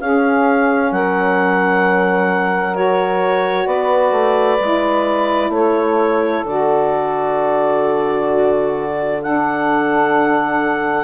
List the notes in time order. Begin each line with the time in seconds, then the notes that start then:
0.00 C#4 G#4 F5
0.91 F#3 A#4 F#5
2.73 F#4 C#5
3.66 B3 B4 D5
4.11 A3
4.60 G#3 E4
5.49 A3 A4 C#5
6.44 D3 F#4 D5
8.29 F#4
9.22 D4 A4 F#5